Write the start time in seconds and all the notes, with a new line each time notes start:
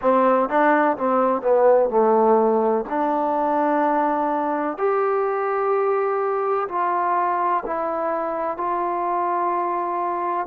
0.01 C4
0.48 D4
0.97 C4
1.42 B3
1.89 A3
2.89 D4
4.77 G4
6.68 F4
7.65 E4
8.57 F4